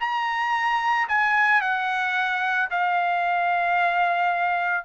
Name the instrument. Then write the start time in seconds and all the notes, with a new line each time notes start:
trumpet
0.00 A#5
1.08 G#5
1.61 F#5
2.70 F5